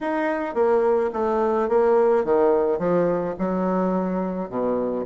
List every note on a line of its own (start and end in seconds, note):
0.01 0.54 D#4
0.54 1.10 A#3
1.13 1.68 A3
1.68 2.24 A#3
2.24 2.79 D#3
2.79 3.35 F3
3.38 4.49 F#3
4.49 5.05 B2